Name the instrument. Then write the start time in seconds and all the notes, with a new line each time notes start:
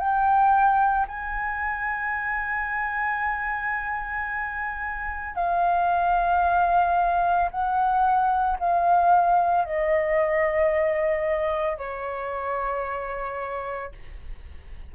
flute
0.00 G5
1.08 G#5
5.36 F5
7.51 F#5
8.60 F5
9.65 D#5
11.78 C#5